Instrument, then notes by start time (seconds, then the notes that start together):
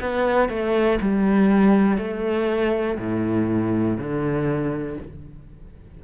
cello
0.00 B3
0.49 A3
1.00 G3
1.98 A3
2.98 A2
3.98 D3